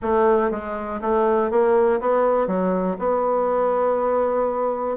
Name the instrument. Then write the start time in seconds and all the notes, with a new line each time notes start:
bassoon
0.02 A3
0.50 G#3
1.01 A3
1.50 A#3
2.00 B3
2.47 F#3
2.98 B3